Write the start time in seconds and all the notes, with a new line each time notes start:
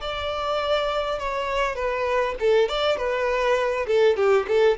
0.00 D5
1.19 C#5
1.75 B4
2.40 A4
2.68 D5
2.97 B4
3.87 A4
4.16 G4
4.47 A4